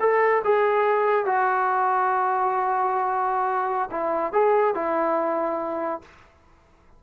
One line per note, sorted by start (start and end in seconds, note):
0.00 0.42 A4
0.44 1.26 G#4
1.26 3.90 F#4
3.91 4.33 E4
4.33 4.75 G#4
4.75 6.02 E4